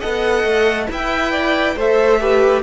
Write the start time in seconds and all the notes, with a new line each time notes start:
0.00 B3 A4 D#5 F#5
0.44 A3
0.89 E4 B4 E5 G5
1.31 D5
1.76 A3 A4 C5 E5
2.20 G4 B4